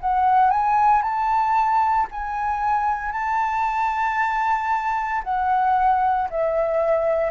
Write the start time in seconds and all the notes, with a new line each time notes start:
0.00 F#5
0.50 G#5
1.01 A5
2.11 G#5
3.11 A5
5.23 F#5
6.30 E5